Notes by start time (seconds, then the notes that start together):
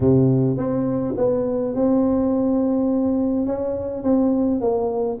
0.00 C3
0.57 C4
1.17 B3
1.75 C4
3.45 C#4
4.03 C4
4.60 A#3